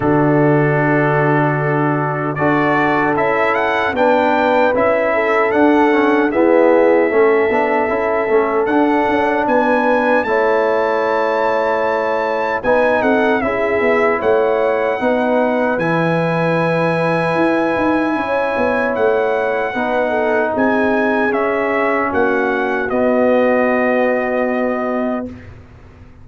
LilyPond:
<<
  \new Staff \with { instrumentName = "trumpet" } { \time 4/4 \tempo 4 = 76 a'2. d''4 | e''8 fis''8 g''4 e''4 fis''4 | e''2. fis''4 | gis''4 a''2. |
gis''8 fis''8 e''4 fis''2 | gis''1 | fis''2 gis''4 e''4 | fis''4 dis''2. | }
  \new Staff \with { instrumentName = "horn" } { \time 4/4 fis'2. a'4~ | a'4 b'4. a'4. | gis'4 a'2. | b'4 cis''2. |
b'8 a'8 gis'4 cis''4 b'4~ | b'2. cis''4~ | cis''4 b'8 a'8 gis'2 | fis'1 | }
  \new Staff \with { instrumentName = "trombone" } { \time 4/4 d'2. fis'4 | e'4 d'4 e'4 d'8 cis'8 | b4 cis'8 d'8 e'8 cis'8 d'4~ | d'4 e'2. |
dis'4 e'2 dis'4 | e'1~ | e'4 dis'2 cis'4~ | cis'4 b2. | }
  \new Staff \with { instrumentName = "tuba" } { \time 4/4 d2. d'4 | cis'4 b4 cis'4 d'4 | e'4 a8 b8 cis'8 a8 d'8 cis'8 | b4 a2. |
b8 c'8 cis'8 b8 a4 b4 | e2 e'8 dis'8 cis'8 b8 | a4 b4 c'4 cis'4 | ais4 b2. | }
>>